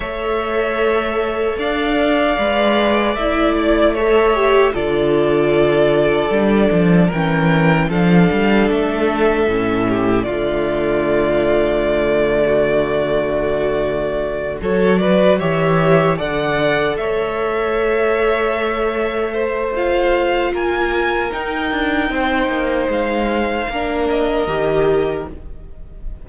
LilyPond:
<<
  \new Staff \with { instrumentName = "violin" } { \time 4/4 \tempo 4 = 76 e''2 f''2 | e''8 d''8 e''4 d''2~ | d''4 g''4 f''4 e''4~ | e''4 d''2.~ |
d''2~ d''8 cis''8 d''8 e''8~ | e''8 fis''4 e''2~ e''8~ | e''4 f''4 gis''4 g''4~ | g''4 f''4. dis''4. | }
  \new Staff \with { instrumentName = "violin" } { \time 4/4 cis''2 d''2~ | d''4 cis''4 a'2~ | a'4 ais'4 a'2~ | a'8 g'8 f'2~ f'8. fis'16~ |
fis'2~ fis'8 a'8 b'8 cis''8~ | cis''8 d''4 cis''2~ cis''8~ | cis''8 c''4. ais'2 | c''2 ais'2 | }
  \new Staff \with { instrumentName = "viola" } { \time 4/4 a'2. b'4 | e'4 a'8 g'8 f'2 | d'4 cis'4 d'2 | cis'4 a2.~ |
a2~ a8 fis'4 g'8~ | g'8 a'2.~ a'8~ | a'4 f'2 dis'4~ | dis'2 d'4 g'4 | }
  \new Staff \with { instrumentName = "cello" } { \time 4/4 a2 d'4 gis4 | a2 d2 | g8 f8 e4 f8 g8 a4 | a,4 d2.~ |
d2~ d8 fis4 e8~ | e8 d4 a2~ a8~ | a2 ais4 dis'8 d'8 | c'8 ais8 gis4 ais4 dis4 | }
>>